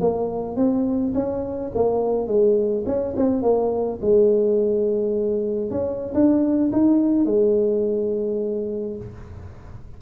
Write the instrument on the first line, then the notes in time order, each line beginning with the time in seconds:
tuba
0.00 A#3
0.56 C4
1.14 C#4
1.74 A#3
2.27 G#3
2.86 C#4
3.16 C4
3.42 A#3
4.01 G#3
5.70 C#4
6.14 D4
6.72 D#4
7.25 G#3